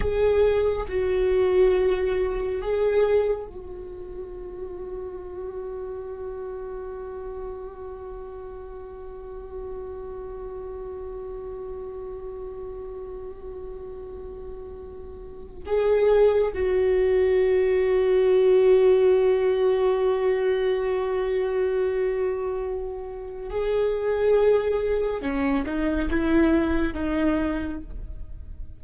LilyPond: \new Staff \with { instrumentName = "viola" } { \time 4/4 \tempo 4 = 69 gis'4 fis'2 gis'4 | fis'1~ | fis'1~ | fis'1~ |
fis'2 gis'4 fis'4~ | fis'1~ | fis'2. gis'4~ | gis'4 cis'8 dis'8 e'4 dis'4 | }